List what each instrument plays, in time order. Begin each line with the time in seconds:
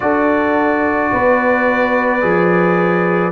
0.00 tuba D4, trombone F#4, horn A4, trumpet D5
1.12 tuba B3, horn B4
2.20 tuba F3, trombone G#4